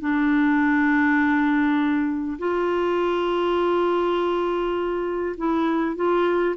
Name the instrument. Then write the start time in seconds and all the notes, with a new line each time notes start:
clarinet
0.00 D4
2.38 F4
5.37 E4
5.96 F4